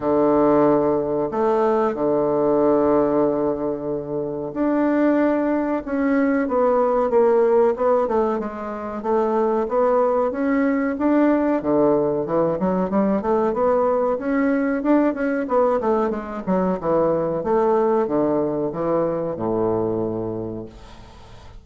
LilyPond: \new Staff \with { instrumentName = "bassoon" } { \time 4/4 \tempo 4 = 93 d2 a4 d4~ | d2. d'4~ | d'4 cis'4 b4 ais4 | b8 a8 gis4 a4 b4 |
cis'4 d'4 d4 e8 fis8 | g8 a8 b4 cis'4 d'8 cis'8 | b8 a8 gis8 fis8 e4 a4 | d4 e4 a,2 | }